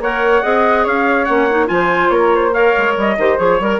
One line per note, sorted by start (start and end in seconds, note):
0.00 0.42 A#3
0.00 0.42 A#4
0.00 0.43 C#5
0.00 0.87 F#5
0.42 0.86 C4
0.42 1.27 G#4
0.42 0.84 D#5
0.84 1.28 C#4
0.84 1.68 C#5
0.84 1.25 F5
1.25 1.69 A#3
1.25 1.49 C#4
1.25 1.67 F#5
1.50 1.66 D#4
1.66 2.09 F3
1.66 2.51 F4
1.66 2.09 G#5
1.74 2.14 C5
2.09 2.73 A#3
2.09 2.35 A#4
2.09 2.52 C#5
2.35 2.54 C5
2.53 3.17 A#4
2.53 3.17 C#5
2.53 2.96 F5
2.77 2.97 G#3
2.97 3.17 G3
2.97 3.38 D#5
3.17 3.38 D#3
3.17 3.37 G4
3.17 3.62 C5
3.37 3.60 F3
3.37 3.58 G#4
3.37 3.80 C#5
3.60 3.80 G3
3.60 3.80 A#4